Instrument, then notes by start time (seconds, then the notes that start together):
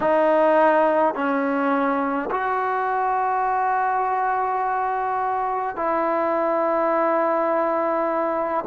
trombone
0.00 D#4
1.14 C#4
2.30 F#4
5.76 E4